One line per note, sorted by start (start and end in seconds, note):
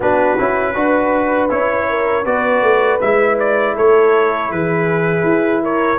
0.00 0.37 B3
0.00 0.38 D4
0.00 0.73 F#4
0.00 1.50 B4
0.38 0.75 C#4
0.38 0.74 E4
0.74 1.50 D4
0.74 1.49 F#4
0.74 1.89 B4
1.49 2.25 C#4
1.49 2.24 E4
1.49 2.25 C#5
1.89 2.25 A#4
2.25 2.62 B3
2.25 3.00 F#4
2.25 3.74 B4
2.25 3.00 D5
2.62 2.99 A3
3.00 3.77 G#3
3.00 5.98 E4
3.00 3.38 E5
3.39 3.76 D5
3.74 4.51 A3
3.74 4.49 A4
3.74 4.51 C#5
4.51 5.23 E3
4.51 5.62 G#4
4.51 5.63 B4
5.23 5.98 E4
5.62 5.98 A#4
5.62 5.98 C#5